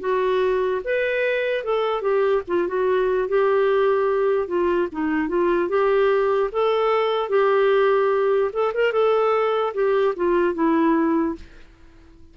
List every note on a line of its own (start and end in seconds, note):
0.00 0.81 F#4
0.84 1.64 B4
1.64 2.02 A4
2.02 2.42 G4
2.48 2.68 F4
2.68 3.28 F#4
3.28 4.48 G4
4.48 4.88 F4
4.92 5.29 D#4
5.29 5.69 F4
5.69 6.50 G4
6.52 7.29 A4
7.29 8.51 G4
8.53 8.73 A4
8.74 8.92 A#4
8.92 9.73 A4
9.74 10.14 G4
10.16 10.54 F4
10.54 11.35 E4